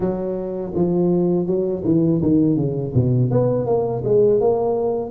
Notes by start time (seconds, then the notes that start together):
0.00 F#3
0.75 F3
1.46 F#3
1.84 E3
2.22 D#3
2.56 C#3
2.94 B2
3.30 B3
3.66 A#3
4.04 G#3
4.40 A#3